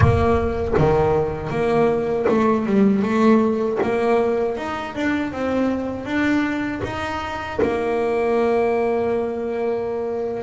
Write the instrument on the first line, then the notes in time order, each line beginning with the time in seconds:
double bass
0.00 A#3
0.77 D#3
1.50 A#3
2.28 A3
2.65 G3
3.02 A3
3.82 A#3
4.57 D#4
4.95 D4
5.32 C4
6.05 D4
6.83 D#4
7.62 A#3